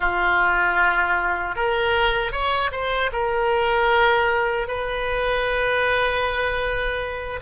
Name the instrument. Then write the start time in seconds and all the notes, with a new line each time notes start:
oboe
0.00 F4
1.55 A#4
2.32 C#5
2.71 C5
3.12 A#4
4.67 B4